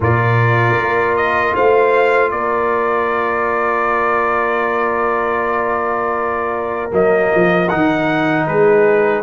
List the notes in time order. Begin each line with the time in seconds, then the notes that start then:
0.00 A#2 F4 A#4 D5
0.79 A#3
1.16 D#5
1.54 A3 C5 F5
2.30 A#3 A#4 D5
6.91 F#3 A#3 D#5
7.34 F3
7.68 D#3 D#4 F#5
8.46 G#3 G#4 B4